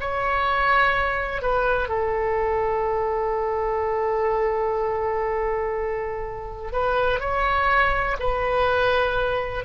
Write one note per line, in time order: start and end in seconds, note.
0.00 1.42 C#5
1.42 1.88 B4
1.88 6.72 A4
6.72 7.20 B4
7.20 8.16 C#5
8.19 9.64 B4